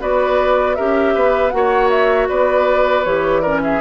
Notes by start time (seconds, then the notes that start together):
0.00 B3 F#4 B4 D5
0.75 C#4 G4 A#4 E5
1.14 B3 B4
1.50 A#3 F#4 F#5
1.57 C#5
1.90 E5
2.29 B3 B4 D5
3.04 E3 G4 C#5
3.40 C#4 A#4 D5
3.63 G#4 E5